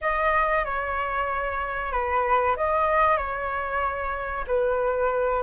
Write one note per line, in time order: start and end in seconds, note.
0.01 0.64 D#5
0.64 1.91 C#5
1.91 2.55 B4
2.56 3.17 D#5
3.17 4.44 C#5
4.47 5.42 B4